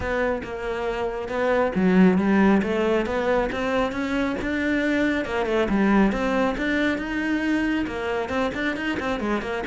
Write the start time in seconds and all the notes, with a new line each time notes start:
0.00 B3
0.43 A#3
1.28 B3
1.75 F#3
2.18 G3
2.62 A3
3.06 B3
3.52 C4
3.92 C#4
4.41 D4
5.25 A#3
5.46 A3
5.69 G3
6.11 C4
6.57 D4
6.98 D#4
7.86 A#3
8.29 C4
8.54 D4
8.76 D#4
8.99 C4
9.20 G#3
9.41 A#3